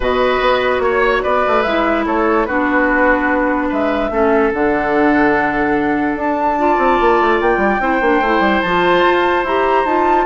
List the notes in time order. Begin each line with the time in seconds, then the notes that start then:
0.00 B2 F#4 B4 D#5
0.40 B3
0.79 A#3 C#5
1.22 B3 B4 D5
1.47 A3
1.62 G#3 E4 E5
2.06 A3 A4 C#5
2.45 B3 D4 F#4 B4
3.68 G#3 B4 E5
4.10 A3 C#4 A4
4.53 D3 D4 F#5
6.15 D4 A5
6.58 F4 D5
6.78 C4
7.00 A#3
7.20 A3
7.40 A#3 G5
7.57 G3
7.80 C4 E4 C5
8.00 A#3 D4
8.21 A3 E4
8.39 G3
8.61 F3 F4 A5
9.06 F4
9.43 E4 G4 A#5
9.85 D#4 F4 A5